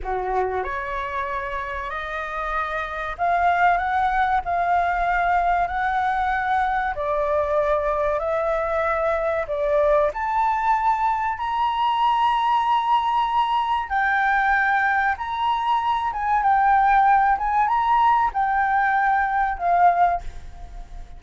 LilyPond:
\new Staff \with { instrumentName = "flute" } { \time 4/4 \tempo 4 = 95 fis'4 cis''2 dis''4~ | dis''4 f''4 fis''4 f''4~ | f''4 fis''2 d''4~ | d''4 e''2 d''4 |
a''2 ais''2~ | ais''2 g''2 | ais''4. gis''8 g''4. gis''8 | ais''4 g''2 f''4 | }